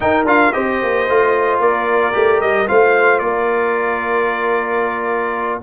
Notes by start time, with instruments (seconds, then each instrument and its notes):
0.00 trombone D#4, tuba D#4, horn A#4, trumpet G5
0.24 tuba D4, trombone F4, trumpet F5
0.52 tuba C4, trombone G4, horn C5, trumpet D#5
0.82 tuba A#3
1.08 tuba A3, trombone F4
1.60 tuba A#3, horn A#4, trumpet D5
2.12 tuba A3, trombone G4
2.40 tuba G3, trumpet D#5
2.66 tuba A3, trombone F4, horn C5, trumpet F5
3.19 tuba A#3, horn A#4, trumpet D5